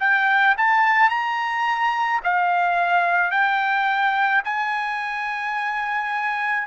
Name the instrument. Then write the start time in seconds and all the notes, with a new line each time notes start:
trumpet
0.00 G5
0.58 A5
1.10 A#5
2.24 F5
3.31 G5
4.45 G#5